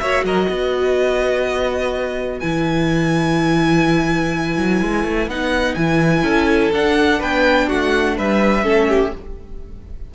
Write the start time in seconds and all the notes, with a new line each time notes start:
0.00 A#3 F#4 C#5 E5
0.24 F#3 A#4 D#5
0.49 B3 B4
2.40 E3 E4 G#5
4.57 F#3
4.82 G#3
5.04 A3
5.28 B3 D#4 F#5
5.75 E3 E4 G#5
6.23 C#4 A4
6.72 D4 F#5
7.19 B3 B4 G5
7.67 A3 F#4 F#5
8.18 G3 B4 E5
8.64 A3 C#4 A4
8.89 G4